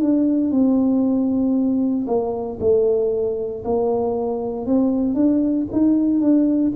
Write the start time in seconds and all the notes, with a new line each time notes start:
0.00 D4
0.51 C4
2.07 A#3
2.60 A3
3.64 A#3
4.66 C4
5.14 D4
5.72 D#4
6.20 D4